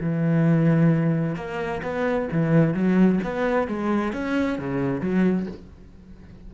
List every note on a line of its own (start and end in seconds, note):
0.00 1.35 E3
1.35 1.81 A#3
1.82 2.28 B3
2.31 2.74 E3
2.74 3.19 F#3
3.23 3.67 B3
3.67 4.12 G#3
4.12 4.58 C#4
4.58 5.00 C#3
5.00 5.46 F#3